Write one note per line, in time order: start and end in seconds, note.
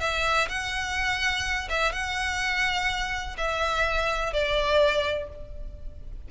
0.00 0.48 E5
0.48 1.68 F#5
1.69 1.92 E5
1.92 3.36 F#5
3.37 4.33 E5
4.33 5.29 D5